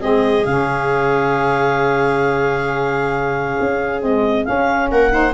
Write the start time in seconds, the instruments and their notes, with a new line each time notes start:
0.00 tuba G#3, saxophone C4, viola G#4, clarinet D#5
0.45 tuba C#3, saxophone C#4, clarinet F5
3.60 tuba C#4
4.01 saxophone G#3, tuba C4, clarinet D#5
4.45 saxophone C#4, tuba C#4, clarinet F5
4.90 tuba A#3, viola A#4, clarinet F#5
5.10 saxophone D#4, viola C5